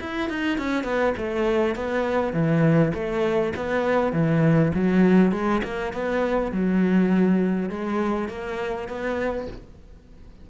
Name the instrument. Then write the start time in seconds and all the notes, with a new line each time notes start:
cello
0.00 E4
0.29 D#4
0.58 C#4
0.84 B3
1.17 A3
1.75 B3
2.33 E3
2.93 A3
3.56 B3
4.12 E3
4.74 F#3
5.32 G#3
5.63 A#3
5.93 B3
6.51 F#3
7.69 G#3
8.28 A#3
8.88 B3